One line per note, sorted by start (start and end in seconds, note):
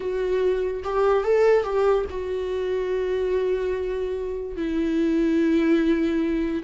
0.00 0.83 F#4
0.83 1.24 G4
1.24 1.63 A4
1.63 2.05 G4
2.10 4.56 F#4
4.56 6.63 E4